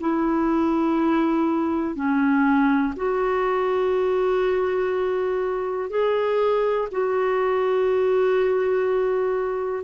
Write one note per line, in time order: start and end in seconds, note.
0.00 1.95 E4
1.95 2.93 C#4
2.96 5.89 F#4
5.89 6.88 G#4
6.91 9.84 F#4